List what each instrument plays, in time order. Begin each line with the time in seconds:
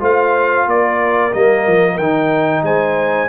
0.00 tuba A3, trombone F4, horn C5, trumpet F5
0.67 tuba A#3, horn A#4, trumpet D5
1.34 tuba G3, trombone A#3, trumpet D#5
1.67 tuba F3
1.98 tuba D#3, trombone D#4, trumpet G5
2.63 tuba G#3, horn C5, trumpet G#5